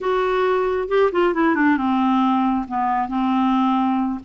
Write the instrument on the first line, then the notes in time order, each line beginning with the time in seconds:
clarinet
0.00 F#4
0.88 G4
1.12 F4
1.34 E4
1.55 D4
1.77 C4
2.67 B3
3.08 C4